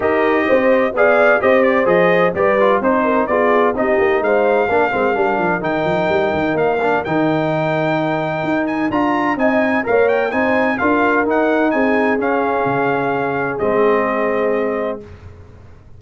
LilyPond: <<
  \new Staff \with { instrumentName = "trumpet" } { \time 4/4 \tempo 4 = 128 dis''2 f''4 dis''8 d''8 | dis''4 d''4 c''4 d''4 | dis''4 f''2. | g''2 f''4 g''4~ |
g''2~ g''8 gis''8 ais''4 | gis''4 f''8 g''8 gis''4 f''4 | fis''4 gis''4 f''2~ | f''4 dis''2. | }
  \new Staff \with { instrumentName = "horn" } { \time 4/4 ais'4 c''4 d''4 c''4~ | c''4 b'4 c''8 ais'8 gis'4 | g'4 c''4 ais'2~ | ais'1~ |
ais'1 | dis''4 cis''4 c''4 ais'4~ | ais'4 gis'2.~ | gis'1 | }
  \new Staff \with { instrumentName = "trombone" } { \time 4/4 g'2 gis'4 g'4 | gis'4 g'8 f'8 dis'4 f'4 | dis'2 d'8 c'8 d'4 | dis'2~ dis'8 d'8 dis'4~ |
dis'2. f'4 | dis'4 ais'4 dis'4 f'4 | dis'2 cis'2~ | cis'4 c'2. | }
  \new Staff \with { instrumentName = "tuba" } { \time 4/4 dis'4 c'4 b4 c'4 | f4 g4 c'4 b4 | c'8 ais8 gis4 ais8 gis8 g8 f8 | dis8 f8 g8 dis8 ais4 dis4~ |
dis2 dis'4 d'4 | c'4 ais4 c'4 d'4 | dis'4 c'4 cis'4 cis4~ | cis4 gis2. | }
>>